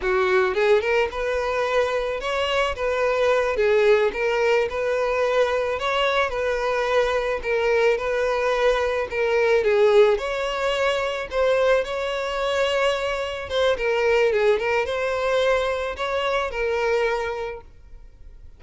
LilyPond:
\new Staff \with { instrumentName = "violin" } { \time 4/4 \tempo 4 = 109 fis'4 gis'8 ais'8 b'2 | cis''4 b'4. gis'4 ais'8~ | ais'8 b'2 cis''4 b'8~ | b'4. ais'4 b'4.~ |
b'8 ais'4 gis'4 cis''4.~ | cis''8 c''4 cis''2~ cis''8~ | cis''8 c''8 ais'4 gis'8 ais'8 c''4~ | c''4 cis''4 ais'2 | }